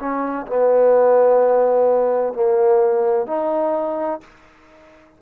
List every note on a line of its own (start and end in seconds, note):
0.00 0.47 C#4
0.47 2.34 B3
2.34 3.27 A#3
3.27 4.21 D#4